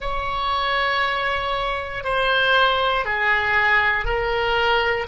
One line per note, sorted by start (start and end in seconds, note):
0.00 2.03 C#5
2.03 3.05 C5
3.05 4.04 G#4
4.04 5.06 A#4